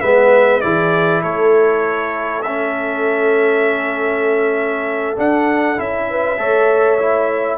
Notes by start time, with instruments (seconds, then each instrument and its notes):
0.00 tuba G#3, trombone B3, horn B4, trumpet E5
0.61 tuba E3, trombone E4, horn G#4, trumpet D5
1.22 tuba A3, horn A4, trumpet C#5
2.42 trombone C#4, trumpet E5
5.16 trombone D4, tuba D4, trumpet F#5
5.76 tuba C#4, trombone E4, trumpet E5
6.10 horn B4
6.38 tuba A3, trombone A4, horn C#5
6.99 trombone E4